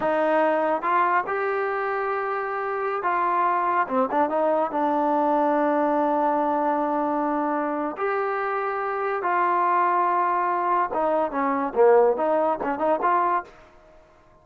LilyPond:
\new Staff \with { instrumentName = "trombone" } { \time 4/4 \tempo 4 = 143 dis'2 f'4 g'4~ | g'2.~ g'16 f'8.~ | f'4~ f'16 c'8 d'8 dis'4 d'8.~ | d'1~ |
d'2. g'4~ | g'2 f'2~ | f'2 dis'4 cis'4 | ais4 dis'4 cis'8 dis'8 f'4 | }